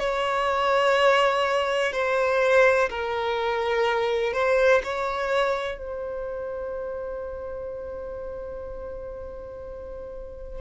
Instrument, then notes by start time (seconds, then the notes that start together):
violin
0.00 C#5
1.93 C5
2.90 A#4
4.34 C5
4.84 C#5
5.78 C5